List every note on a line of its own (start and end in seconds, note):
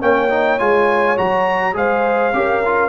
0.00 0.60 A#3
0.00 0.29 C#4
0.00 1.77 C#5
0.00 0.59 G5
0.30 0.59 D#4
0.59 1.18 G#3
0.59 1.17 F4
0.59 1.17 G#5
1.17 1.75 F#3
1.17 1.74 F#4
1.17 1.76 A#5
1.74 2.34 G#3
1.74 2.32 G#4
1.74 2.35 C5
1.74 2.89 F5
2.34 2.89 C#4
2.34 2.63 G4
2.34 2.89 A#4
2.65 2.89 F4